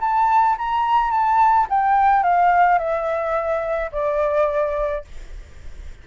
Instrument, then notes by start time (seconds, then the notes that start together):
flute
0.00 A5
0.58 A#5
1.10 A5
1.69 G5
2.23 F5
2.78 E5
3.92 D5